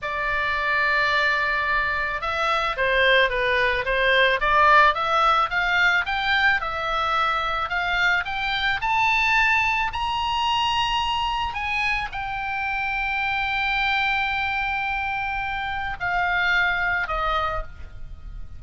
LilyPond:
\new Staff \with { instrumentName = "oboe" } { \time 4/4 \tempo 4 = 109 d''1 | e''4 c''4 b'4 c''4 | d''4 e''4 f''4 g''4 | e''2 f''4 g''4 |
a''2 ais''2~ | ais''4 gis''4 g''2~ | g''1~ | g''4 f''2 dis''4 | }